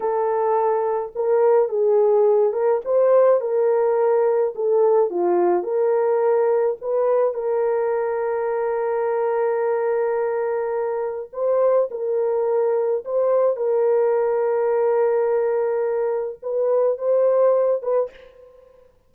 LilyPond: \new Staff \with { instrumentName = "horn" } { \time 4/4 \tempo 4 = 106 a'2 ais'4 gis'4~ | gis'8 ais'8 c''4 ais'2 | a'4 f'4 ais'2 | b'4 ais'2.~ |
ais'1 | c''4 ais'2 c''4 | ais'1~ | ais'4 b'4 c''4. b'8 | }